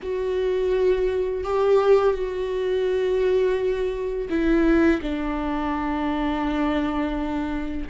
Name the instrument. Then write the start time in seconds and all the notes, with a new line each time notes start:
viola
0.02 F#4
1.44 G4
2.14 F#4
4.29 E4
5.02 D4